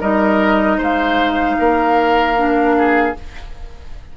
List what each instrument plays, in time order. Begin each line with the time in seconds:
0.00 bassoon G3, clarinet D#4, oboe A#4, flute D#5
0.77 bassoon G#3, oboe C5, flute F5
1.58 bassoon A#3, oboe A#4
2.35 clarinet D4
2.78 oboe G#4